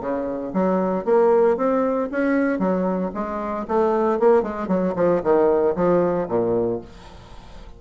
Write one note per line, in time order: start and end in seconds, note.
0.00 0.52 C#3
0.53 1.05 F#3
1.05 1.57 A#3
1.57 2.09 C4
2.11 2.59 C#4
2.59 3.11 F#3
3.14 3.66 G#3
3.67 4.19 A3
4.19 4.43 A#3
4.43 4.68 G#3
4.68 4.94 F#3
4.96 5.22 F3
5.23 5.75 D#3
5.76 6.28 F3
6.28 6.81 A#2